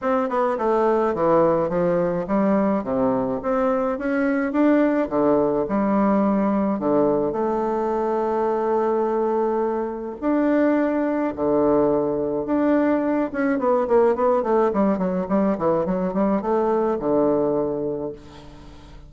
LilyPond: \new Staff \with { instrumentName = "bassoon" } { \time 4/4 \tempo 4 = 106 c'8 b8 a4 e4 f4 | g4 c4 c'4 cis'4 | d'4 d4 g2 | d4 a2.~ |
a2 d'2 | d2 d'4. cis'8 | b8 ais8 b8 a8 g8 fis8 g8 e8 | fis8 g8 a4 d2 | }